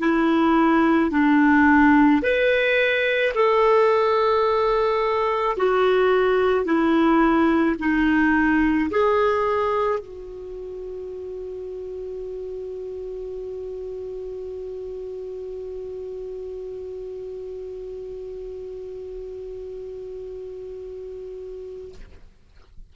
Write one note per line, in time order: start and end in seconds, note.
0.00 1.11 E4
1.11 2.22 D4
2.23 3.34 B4
3.35 5.57 A4
5.58 6.65 F#4
6.65 7.76 E4
7.79 8.90 D#4
8.91 10.00 G#4
10.00 21.94 F#4